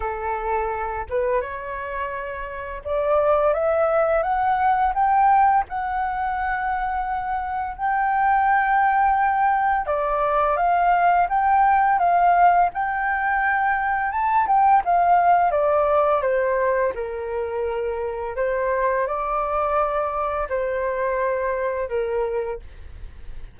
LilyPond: \new Staff \with { instrumentName = "flute" } { \time 4/4 \tempo 4 = 85 a'4. b'8 cis''2 | d''4 e''4 fis''4 g''4 | fis''2. g''4~ | g''2 d''4 f''4 |
g''4 f''4 g''2 | a''8 g''8 f''4 d''4 c''4 | ais'2 c''4 d''4~ | d''4 c''2 ais'4 | }